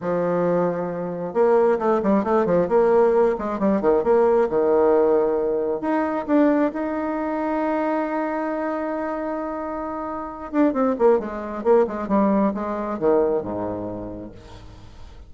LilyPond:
\new Staff \with { instrumentName = "bassoon" } { \time 4/4 \tempo 4 = 134 f2. ais4 | a8 g8 a8 f8 ais4. gis8 | g8 dis8 ais4 dis2~ | dis4 dis'4 d'4 dis'4~ |
dis'1~ | dis'2.~ dis'8 d'8 | c'8 ais8 gis4 ais8 gis8 g4 | gis4 dis4 gis,2 | }